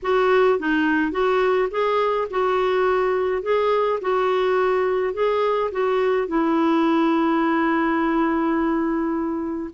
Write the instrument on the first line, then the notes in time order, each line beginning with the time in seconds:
clarinet
0.02 F#4
0.59 D#4
1.11 F#4
1.70 G#4
2.30 F#4
3.42 G#4
4.01 F#4
5.13 G#4
5.71 F#4
6.27 E4